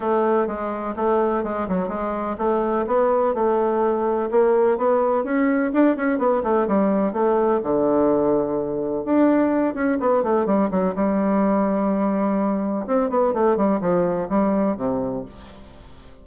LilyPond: \new Staff \with { instrumentName = "bassoon" } { \time 4/4 \tempo 4 = 126 a4 gis4 a4 gis8 fis8 | gis4 a4 b4 a4~ | a4 ais4 b4 cis'4 | d'8 cis'8 b8 a8 g4 a4 |
d2. d'4~ | d'8 cis'8 b8 a8 g8 fis8 g4~ | g2. c'8 b8 | a8 g8 f4 g4 c4 | }